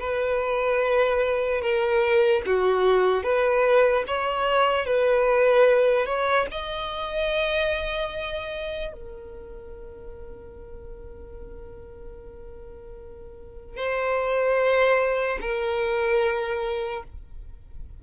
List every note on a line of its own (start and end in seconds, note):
0.00 1.61 B4
1.61 2.43 A#4
2.47 3.24 F#4
3.24 4.05 B4
4.08 4.86 C#5
4.86 6.06 B4
6.06 6.47 C#5
6.52 8.93 D#5
8.93 13.77 A#4
13.77 15.39 C5
15.42 17.04 A#4